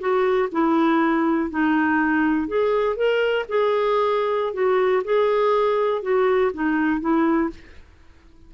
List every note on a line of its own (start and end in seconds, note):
0.00 0.49 F#4
0.52 1.50 E4
1.50 2.48 D#4
2.48 2.97 G#4
2.97 3.46 A#4
3.49 4.54 G#4
4.54 5.03 F#4
5.04 6.02 G#4
6.02 6.52 F#4
6.54 7.01 D#4
7.01 7.50 E4